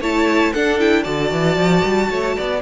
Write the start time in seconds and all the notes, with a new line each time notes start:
0.00 A3 E4 C#5 A5
0.53 D4 A4 F#5
0.79 E4 G5
1.03 D3 F#4 D5 A5
1.31 E3
1.56 F3
1.83 G3
2.10 A3 C#5
2.36 B3 D5